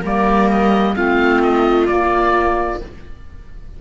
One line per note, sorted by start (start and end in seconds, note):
0.00 0.95 G3
0.00 0.95 A#3
0.00 0.92 A#4
0.00 0.50 D5
0.50 0.95 D#5
0.95 1.88 A3
0.95 1.86 C4
0.95 2.80 F4
0.95 1.42 F5
1.42 1.87 D#5
1.86 2.78 A#3
1.86 2.81 A#3
1.86 2.79 D5